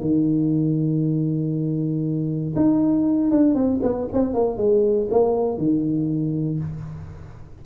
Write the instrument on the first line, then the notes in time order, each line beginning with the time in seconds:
tuba
0.00 D#3
2.56 D#4
3.31 D4
3.55 C4
3.82 B3
4.13 C4
4.33 A#3
4.57 G#3
5.10 A#3
5.57 D#3